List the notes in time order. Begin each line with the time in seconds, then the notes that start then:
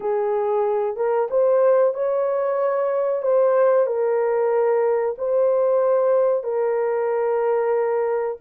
0.00 G#4
0.96 A#4
1.30 C5
1.94 C#5
3.22 C5
3.86 A#4
5.18 C5
6.43 A#4